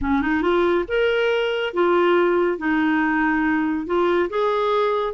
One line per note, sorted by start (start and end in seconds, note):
0.01 0.21 C#4
0.21 0.41 D#4
0.41 0.84 F4
0.87 1.73 A#4
1.73 2.58 F4
2.58 3.86 D#4
3.86 4.29 F4
4.29 5.13 G#4